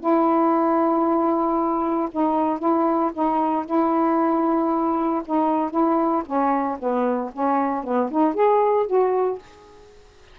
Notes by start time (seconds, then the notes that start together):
0.00 E4
2.12 D#4
2.59 E4
3.13 D#4
3.66 E4
5.25 D#4
5.71 E4
6.26 C#4
6.79 B3
7.33 C#4
7.84 B3
8.11 D#4
8.34 G#4
8.86 F#4